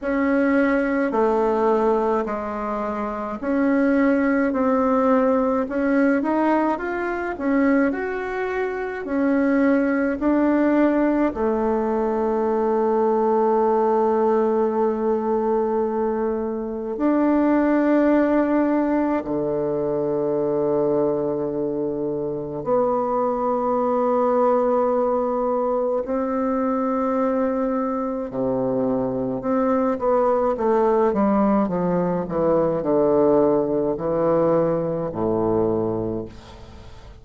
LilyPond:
\new Staff \with { instrumentName = "bassoon" } { \time 4/4 \tempo 4 = 53 cis'4 a4 gis4 cis'4 | c'4 cis'8 dis'8 f'8 cis'8 fis'4 | cis'4 d'4 a2~ | a2. d'4~ |
d'4 d2. | b2. c'4~ | c'4 c4 c'8 b8 a8 g8 | f8 e8 d4 e4 a,4 | }